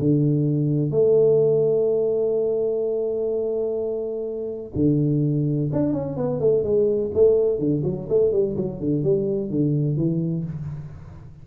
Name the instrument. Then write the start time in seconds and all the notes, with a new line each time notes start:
tuba
0.00 D3
0.92 A3
4.76 D3
5.73 D4
5.94 C#4
6.17 B3
6.40 A3
6.64 G#3
7.15 A3
7.59 D3
7.85 F#3
8.10 A3
8.32 G3
8.57 F#3
8.81 D3
9.04 G3
9.51 D3
9.97 E3